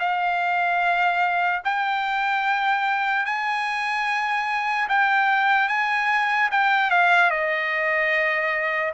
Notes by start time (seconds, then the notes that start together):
0.00 F5
1.64 G5
3.26 G#5
4.89 G5
5.69 G#5
6.52 G5
6.91 F5
7.31 D#5